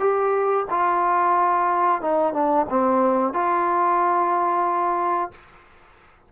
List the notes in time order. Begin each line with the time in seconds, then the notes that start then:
0.00 G4
0.70 F4
2.02 D#4
2.33 D4
2.69 C4
3.34 F4